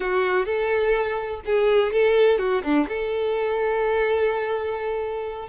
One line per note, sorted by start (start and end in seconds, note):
0.00 0.45 F#4
0.45 1.40 A4
1.45 1.92 G#4
1.92 2.38 A4
2.38 2.62 F#4
2.63 2.87 D4
2.88 5.48 A4